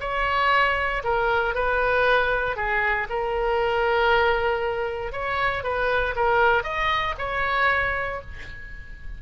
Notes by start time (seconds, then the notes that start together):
0.00 C#5
1.04 A#4
1.55 B4
2.56 G#4
3.10 A#4
5.12 C#5
5.64 B4
6.16 A#4
6.63 D#5
7.18 C#5